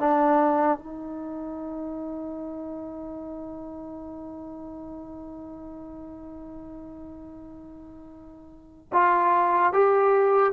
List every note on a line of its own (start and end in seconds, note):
0.00 0.79 D4
0.79 8.89 D#4
8.93 9.74 F4
9.74 10.53 G4